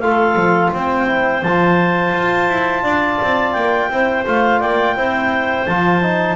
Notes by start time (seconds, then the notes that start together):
0.00 A3 F4 A4 F5
0.36 F3
0.74 C4 C5 G5
1.07 E4
1.43 F3 F4 A5
2.14 F4
2.49 E4
2.84 D4 D5
3.22 C4
3.53 A#3 G5
3.90 C4 E4 C5
4.26 A3 F4 F5
4.60 A#3 D5 G5
4.96 C4 E4 C5
5.66 F3 F4 A5
6.02 D#4